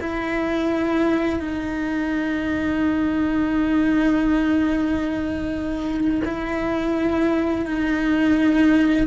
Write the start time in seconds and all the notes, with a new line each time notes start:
0.00 E4
1.40 D#4
6.24 E4
7.66 D#4